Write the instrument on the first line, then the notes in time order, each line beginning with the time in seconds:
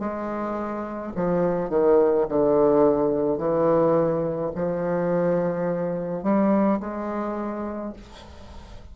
bassoon
0.00 G#3
1.16 F3
1.70 D#3
2.29 D3
3.39 E3
4.55 F3
6.23 G3
6.80 G#3